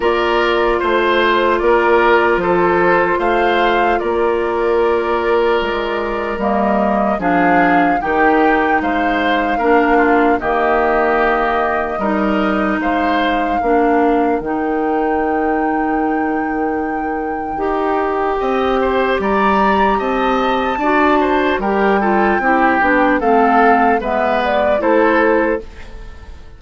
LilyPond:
<<
  \new Staff \with { instrumentName = "flute" } { \time 4/4 \tempo 4 = 75 d''4 c''4 d''4 c''4 | f''4 d''2. | dis''4 f''4 g''4 f''4~ | f''4 dis''2. |
f''2 g''2~ | g''1 | ais''4 a''2 g''4~ | g''4 f''4 e''8 d''8 c''4 | }
  \new Staff \with { instrumentName = "oboe" } { \time 4/4 ais'4 c''4 ais'4 a'4 | c''4 ais'2.~ | ais'4 gis'4 g'4 c''4 | ais'8 f'8 g'2 ais'4 |
c''4 ais'2.~ | ais'2. dis''8 c''8 | d''4 dis''4 d''8 c''8 ais'8 a'8 | g'4 a'4 b'4 a'4 | }
  \new Staff \with { instrumentName = "clarinet" } { \time 4/4 f'1~ | f'1 | ais4 d'4 dis'2 | d'4 ais2 dis'4~ |
dis'4 d'4 dis'2~ | dis'2 g'2~ | g'2 fis'4 g'8 f'8 | e'8 d'8 c'4 b4 e'4 | }
  \new Staff \with { instrumentName = "bassoon" } { \time 4/4 ais4 a4 ais4 f4 | a4 ais2 gis4 | g4 f4 dis4 gis4 | ais4 dis2 g4 |
gis4 ais4 dis2~ | dis2 dis'4 c'4 | g4 c'4 d'4 g4 | c'8 b8 a4 gis4 a4 | }
>>